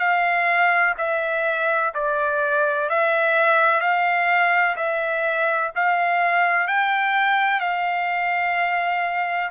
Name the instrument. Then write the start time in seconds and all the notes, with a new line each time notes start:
trumpet
0.00 F5
0.98 E5
1.94 D5
2.90 E5
3.81 F5
4.77 E5
5.76 F5
6.68 G5
7.61 F5